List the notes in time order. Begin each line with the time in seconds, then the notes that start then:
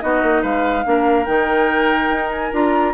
0.00 B3 D#4 F#4 D#5
0.22 A#3
0.42 G#3 B4 F5
0.84 A#3 D4 A#4
1.25 D#3 D#4 G5
2.09 D#4
2.31 G#5
2.52 D4 F4 A#5